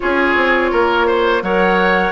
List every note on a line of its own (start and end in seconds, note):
0.00 0.35 C#4
0.00 1.43 F4
0.00 0.71 G#4
0.00 1.43 C#5
0.35 0.71 C4
0.71 1.42 A#3
0.71 1.07 A#4
1.07 1.42 C5
1.42 2.11 F#3
1.42 2.11 A#4
1.42 2.11 C#5
1.42 2.11 F#5